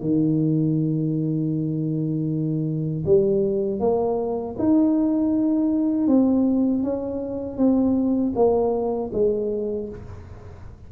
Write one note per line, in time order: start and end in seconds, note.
0.00 3.04 D#3
3.05 3.79 G3
3.79 4.55 A#3
4.58 6.07 D#4
6.07 6.83 C4
6.83 7.57 C#4
7.57 8.33 C4
8.35 9.11 A#3
9.13 9.89 G#3